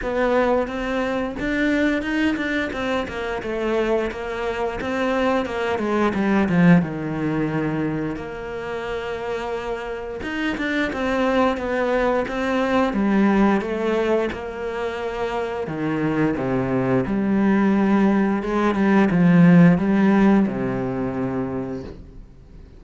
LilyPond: \new Staff \with { instrumentName = "cello" } { \time 4/4 \tempo 4 = 88 b4 c'4 d'4 dis'8 d'8 | c'8 ais8 a4 ais4 c'4 | ais8 gis8 g8 f8 dis2 | ais2. dis'8 d'8 |
c'4 b4 c'4 g4 | a4 ais2 dis4 | c4 g2 gis8 g8 | f4 g4 c2 | }